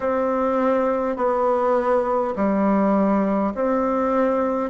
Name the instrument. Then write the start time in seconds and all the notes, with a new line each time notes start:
bassoon
0.00 C4
1.16 B3
2.35 G3
3.55 C4